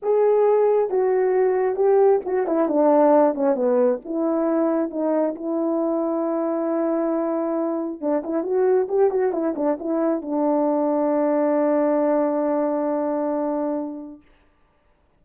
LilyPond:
\new Staff \with { instrumentName = "horn" } { \time 4/4 \tempo 4 = 135 gis'2 fis'2 | g'4 fis'8 e'8 d'4. cis'8 | b4 e'2 dis'4 | e'1~ |
e'2 d'8 e'8 fis'4 | g'8 fis'8 e'8 d'8 e'4 d'4~ | d'1~ | d'1 | }